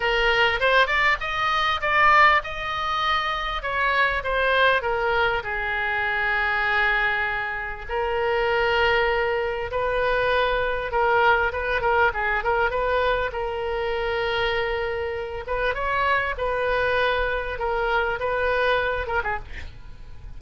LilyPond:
\new Staff \with { instrumentName = "oboe" } { \time 4/4 \tempo 4 = 99 ais'4 c''8 d''8 dis''4 d''4 | dis''2 cis''4 c''4 | ais'4 gis'2.~ | gis'4 ais'2. |
b'2 ais'4 b'8 ais'8 | gis'8 ais'8 b'4 ais'2~ | ais'4. b'8 cis''4 b'4~ | b'4 ais'4 b'4. ais'16 gis'16 | }